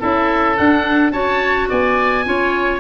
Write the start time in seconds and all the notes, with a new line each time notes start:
0.00 C#4 E4 A4 E5
0.56 D4 F#5
1.12 C#4 F#4 C#5 A5
1.69 B3 D5 G#5
2.25 C#4 F4 C#5